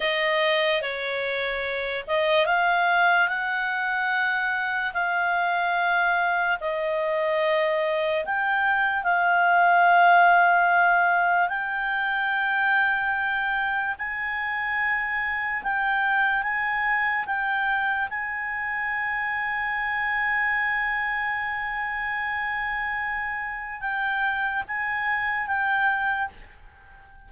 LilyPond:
\new Staff \with { instrumentName = "clarinet" } { \time 4/4 \tempo 4 = 73 dis''4 cis''4. dis''8 f''4 | fis''2 f''2 | dis''2 g''4 f''4~ | f''2 g''2~ |
g''4 gis''2 g''4 | gis''4 g''4 gis''2~ | gis''1~ | gis''4 g''4 gis''4 g''4 | }